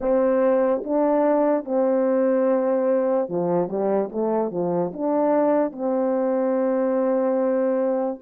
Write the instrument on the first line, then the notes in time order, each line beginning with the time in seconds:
horn
0.00 C4
0.84 D4
1.64 C4
3.28 F3
3.68 G3
4.11 A3
4.51 F3
4.93 D4
5.72 C4